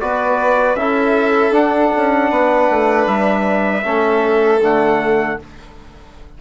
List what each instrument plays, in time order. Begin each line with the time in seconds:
0.00 bassoon B3, trombone F#4, violin B4, trumpet D5
0.75 bassoon C#4, trombone E4, violin A4, trumpet E5
1.52 bassoon D4, trombone D4, trumpet F#5
1.96 bassoon C#4
2.30 bassoon B3, violin B4
2.70 bassoon A3
3.07 bassoon G3, trumpet E5
3.83 bassoon A3, trombone C#4, violin A4
4.61 bassoon D3, trombone A3, trumpet F#5